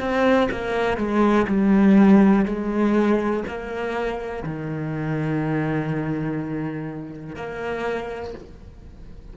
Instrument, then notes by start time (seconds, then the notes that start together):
cello
0.00 C4
0.51 A#3
0.97 G#3
1.47 G3
2.45 G#3
3.47 A#3
4.43 D#3
7.35 A#3